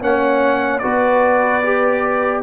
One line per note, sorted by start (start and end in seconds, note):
0.00 0.82 A#3
0.00 0.81 C#4
0.00 0.82 C#5
0.00 0.78 F#5
0.78 2.42 B3
0.78 1.62 F#4
0.78 2.42 B4
0.78 2.41 D5
1.63 2.42 G4